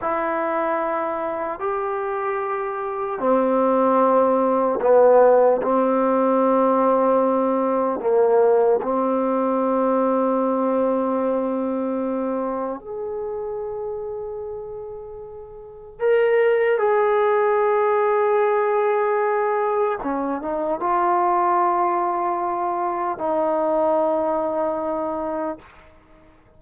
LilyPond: \new Staff \with { instrumentName = "trombone" } { \time 4/4 \tempo 4 = 75 e'2 g'2 | c'2 b4 c'4~ | c'2 ais4 c'4~ | c'1 |
gis'1 | ais'4 gis'2.~ | gis'4 cis'8 dis'8 f'2~ | f'4 dis'2. | }